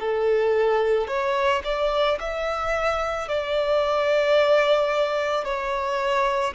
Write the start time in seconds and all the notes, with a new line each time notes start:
0.00 A4
1.08 C#5
1.64 D5
2.20 E5
3.28 D5
5.45 C#5